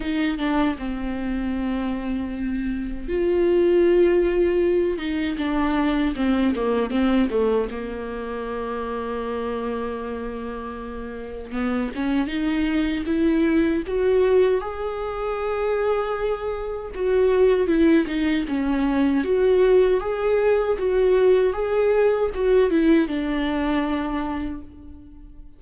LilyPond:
\new Staff \with { instrumentName = "viola" } { \time 4/4 \tempo 4 = 78 dis'8 d'8 c'2. | f'2~ f'8 dis'8 d'4 | c'8 ais8 c'8 a8 ais2~ | ais2. b8 cis'8 |
dis'4 e'4 fis'4 gis'4~ | gis'2 fis'4 e'8 dis'8 | cis'4 fis'4 gis'4 fis'4 | gis'4 fis'8 e'8 d'2 | }